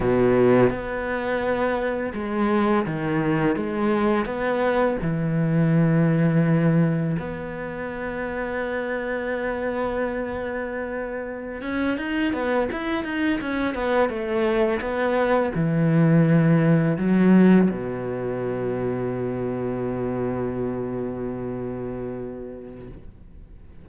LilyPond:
\new Staff \with { instrumentName = "cello" } { \time 4/4 \tempo 4 = 84 b,4 b2 gis4 | dis4 gis4 b4 e4~ | e2 b2~ | b1~ |
b16 cis'8 dis'8 b8 e'8 dis'8 cis'8 b8 a16~ | a8. b4 e2 fis16~ | fis8. b,2.~ b,16~ | b,1 | }